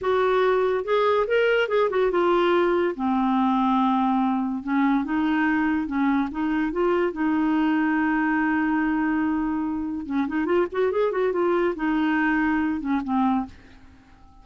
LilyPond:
\new Staff \with { instrumentName = "clarinet" } { \time 4/4 \tempo 4 = 143 fis'2 gis'4 ais'4 | gis'8 fis'8 f'2 c'4~ | c'2. cis'4 | dis'2 cis'4 dis'4 |
f'4 dis'2.~ | dis'1 | cis'8 dis'8 f'8 fis'8 gis'8 fis'8 f'4 | dis'2~ dis'8 cis'8 c'4 | }